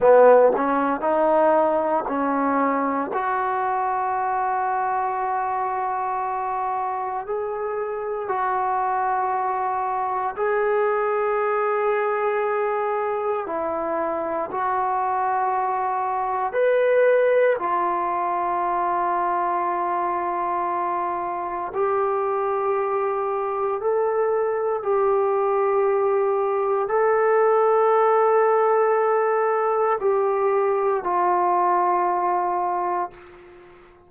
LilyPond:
\new Staff \with { instrumentName = "trombone" } { \time 4/4 \tempo 4 = 58 b8 cis'8 dis'4 cis'4 fis'4~ | fis'2. gis'4 | fis'2 gis'2~ | gis'4 e'4 fis'2 |
b'4 f'2.~ | f'4 g'2 a'4 | g'2 a'2~ | a'4 g'4 f'2 | }